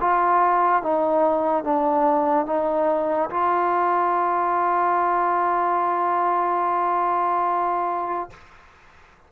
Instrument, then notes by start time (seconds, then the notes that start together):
trombone
0.00 F4
0.82 D#4
1.64 D4
2.46 D#4
3.30 F4